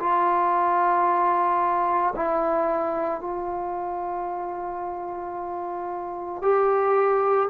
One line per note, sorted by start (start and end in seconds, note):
0.00 2.14 F4
2.16 3.21 E4
3.21 6.42 F4
6.42 7.50 G4